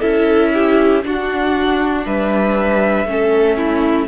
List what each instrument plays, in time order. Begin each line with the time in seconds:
0.00 cello C#4, viola E4, violin A4 E5
0.54 violin G4
1.03 viola D4, cello D4, violin F#4 F#5
2.06 cello G3, violin B4 E5
3.05 cello A3, viola C#4
3.11 violin A4
3.58 violin E4